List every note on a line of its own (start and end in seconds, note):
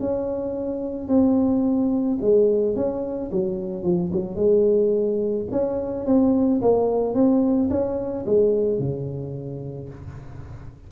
0.00 1.08 C#4
1.08 2.18 C4
2.21 2.76 G#3
2.76 3.31 C#4
3.32 3.84 F#3
3.84 4.11 F3
4.13 4.36 F#3
4.36 5.46 G#3
5.51 6.06 C#4
6.06 6.61 C4
6.62 7.15 A#3
7.15 7.70 C4
7.70 8.25 C#4
8.26 8.79 G#3
8.79 9.89 C#3